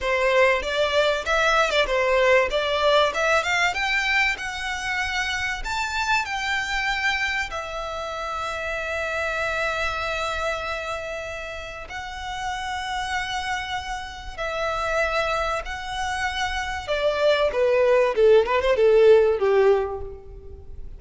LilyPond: \new Staff \with { instrumentName = "violin" } { \time 4/4 \tempo 4 = 96 c''4 d''4 e''8. d''16 c''4 | d''4 e''8 f''8 g''4 fis''4~ | fis''4 a''4 g''2 | e''1~ |
e''2. fis''4~ | fis''2. e''4~ | e''4 fis''2 d''4 | b'4 a'8 b'16 c''16 a'4 g'4 | }